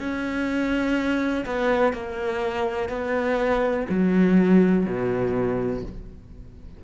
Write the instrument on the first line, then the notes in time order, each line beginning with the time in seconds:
cello
0.00 C#4
1.46 B3
1.93 A#3
2.89 B3
3.90 F#3
4.86 B2